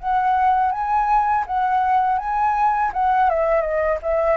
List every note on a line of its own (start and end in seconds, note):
0.00 0.72 F#5
0.72 1.45 G#5
1.47 2.18 F#5
2.18 2.91 G#5
2.93 3.30 F#5
3.30 3.61 E5
3.61 3.98 D#5
4.02 4.37 E5